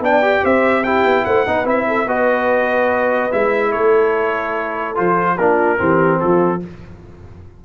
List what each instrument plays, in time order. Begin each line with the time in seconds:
0.00 tuba B3, trombone D4, horn D5, trumpet G5
0.22 trombone G4
0.43 tuba C4, horn C5, trumpet E5
0.84 trombone E4, horn G4, trumpet G5
1.04 tuba B3
1.25 tuba A3, horn C5, trumpet F#5
1.46 tuba B3, trombone D#4, horn B4
1.65 tuba C4, trombone E4, trumpet E5
1.88 horn A4
2.06 tuba B3, trombone F#4, horn B4, trumpet D#5
3.32 tuba G#3, trombone E4, trumpet E5
3.71 tuba A3, horn A4, trumpet C#5
4.95 tuba F3, trombone F4, trumpet C5
5.38 tuba A#3, trombone D4, horn F4, trumpet A#4
5.78 tuba E3, trombone C4, horn G4
6.20 tuba F3, horn F4, trumpet A4